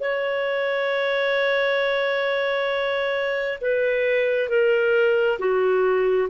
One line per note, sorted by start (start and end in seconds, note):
0.00 3.58 C#5
3.61 4.49 B4
4.49 5.38 A#4
5.39 6.28 F#4